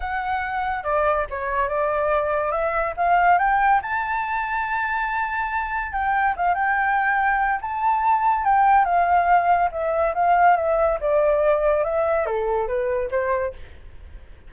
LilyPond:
\new Staff \with { instrumentName = "flute" } { \time 4/4 \tempo 4 = 142 fis''2 d''4 cis''4 | d''2 e''4 f''4 | g''4 a''2.~ | a''2 g''4 f''8 g''8~ |
g''2 a''2 | g''4 f''2 e''4 | f''4 e''4 d''2 | e''4 a'4 b'4 c''4 | }